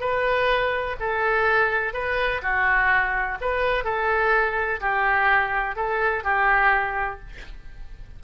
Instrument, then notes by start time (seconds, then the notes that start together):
oboe
0.00 B4
1.00 A4
1.93 B4
2.42 F#4
3.41 B4
3.84 A4
4.80 G4
5.76 A4
6.24 G4